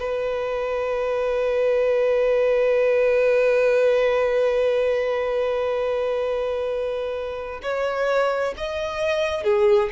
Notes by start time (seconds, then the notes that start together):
0.00 B4
7.63 C#5
8.58 D#5
9.44 G#4